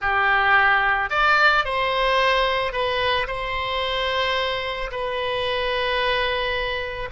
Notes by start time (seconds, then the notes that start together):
0.01 G4
1.10 D5
1.64 C5
2.72 B4
3.27 C5
4.91 B4